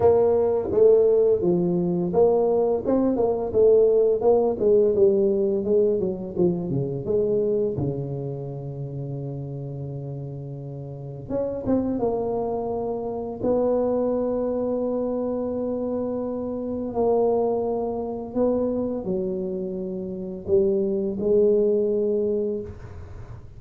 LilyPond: \new Staff \with { instrumentName = "tuba" } { \time 4/4 \tempo 4 = 85 ais4 a4 f4 ais4 | c'8 ais8 a4 ais8 gis8 g4 | gis8 fis8 f8 cis8 gis4 cis4~ | cis1 |
cis'8 c'8 ais2 b4~ | b1 | ais2 b4 fis4~ | fis4 g4 gis2 | }